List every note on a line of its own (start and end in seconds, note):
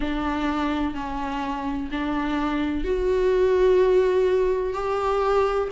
0.00 0.94 D4
0.94 1.89 C#4
1.91 2.84 D4
2.84 4.73 F#4
4.73 5.68 G4